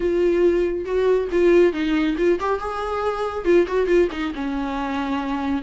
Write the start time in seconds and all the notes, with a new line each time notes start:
0.00 F4
0.85 F#4
1.31 F4
1.73 D#4
2.17 F4
2.40 G4
2.59 G#4
3.44 F4
3.67 F#4
3.87 F4
4.11 D#4
4.34 C#4